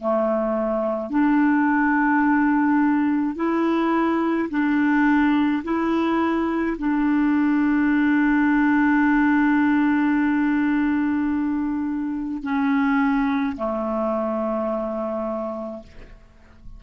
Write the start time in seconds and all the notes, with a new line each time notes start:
0.00 A3
1.10 D4
3.36 E4
4.49 D4
5.63 E4
6.78 D4
12.43 C#4
13.56 A3